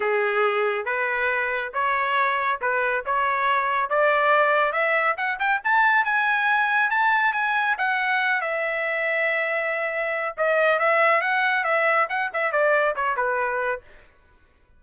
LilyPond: \new Staff \with { instrumentName = "trumpet" } { \time 4/4 \tempo 4 = 139 gis'2 b'2 | cis''2 b'4 cis''4~ | cis''4 d''2 e''4 | fis''8 g''8 a''4 gis''2 |
a''4 gis''4 fis''4. e''8~ | e''1 | dis''4 e''4 fis''4 e''4 | fis''8 e''8 d''4 cis''8 b'4. | }